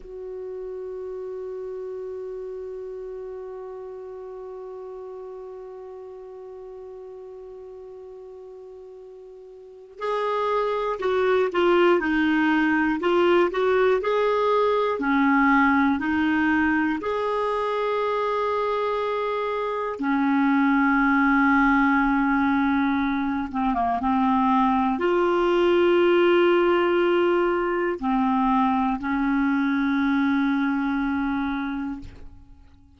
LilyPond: \new Staff \with { instrumentName = "clarinet" } { \time 4/4 \tempo 4 = 60 fis'1~ | fis'1~ | fis'2 gis'4 fis'8 f'8 | dis'4 f'8 fis'8 gis'4 cis'4 |
dis'4 gis'2. | cis'2.~ cis'8 c'16 ais16 | c'4 f'2. | c'4 cis'2. | }